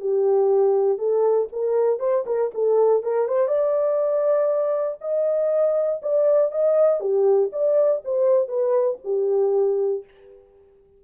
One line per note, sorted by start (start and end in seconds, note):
0.00 0.98 G4
0.98 1.48 A4
1.52 1.99 A#4
1.99 2.24 C5
2.26 2.51 A#4
2.54 3.03 A4
3.03 3.28 A#4
3.28 3.48 C5
3.48 4.98 D5
5.01 6.01 D#5
6.02 6.51 D5
6.51 7.00 D#5
7.00 7.50 G4
7.52 8.02 D5
8.04 8.48 C5
8.48 8.98 B4
9.04 10.04 G4